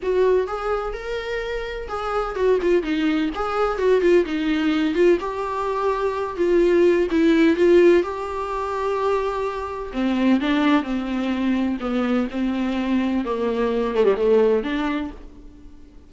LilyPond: \new Staff \with { instrumentName = "viola" } { \time 4/4 \tempo 4 = 127 fis'4 gis'4 ais'2 | gis'4 fis'8 f'8 dis'4 gis'4 | fis'8 f'8 dis'4. f'8 g'4~ | g'4. f'4. e'4 |
f'4 g'2.~ | g'4 c'4 d'4 c'4~ | c'4 b4 c'2 | ais4. a16 g16 a4 d'4 | }